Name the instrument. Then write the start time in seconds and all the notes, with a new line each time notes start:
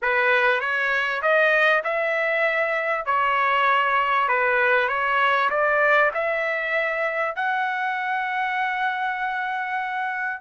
trumpet
0.02 B4
0.60 C#5
1.22 D#5
1.83 E5
3.05 C#5
4.28 B4
4.88 C#5
5.50 D5
6.14 E5
7.35 F#5